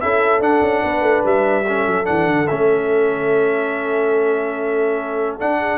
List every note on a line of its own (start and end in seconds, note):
0.00 0.40 C#4
0.00 0.40 E4
0.00 0.83 A4
0.00 0.41 E5
0.40 0.61 D4
0.40 1.64 D4
0.40 1.25 F#5
0.61 0.82 C#4
0.83 1.01 B3
0.83 1.66 B4
1.01 1.21 A3
1.25 1.87 G3
1.25 2.05 E5
1.66 2.04 C#4
1.66 5.59 A4
1.87 2.07 F#3
2.04 2.27 E3
2.04 2.46 D4
2.04 2.47 F#5
2.27 2.47 D3
2.47 5.40 A3
2.47 5.39 C#4
2.47 5.36 E5
5.39 5.77 D4
5.39 5.77 F#5
5.59 5.77 G#4